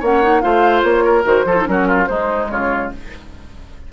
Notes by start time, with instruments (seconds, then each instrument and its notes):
0.00 bassoon A#3, clarinet C#4, oboe C#5, flute F#5
0.22 clarinet D#4
0.41 bassoon A3, clarinet F4, oboe C5, flute F5
0.83 bassoon A#3, flute C#5
1.04 oboe A#4
1.24 bassoon D#3, clarinet F#4, flute C5
1.45 bassoon F3, clarinet F4, oboe A4
1.57 clarinet D#4
1.66 bassoon F#3, clarinet C#4, oboe F#4, flute A#4
1.87 oboe F4
2.06 bassoon G#3, clarinet G#3, oboe D#4, flute C5
2.50 bassoon C#3, oboe F4, flute C#5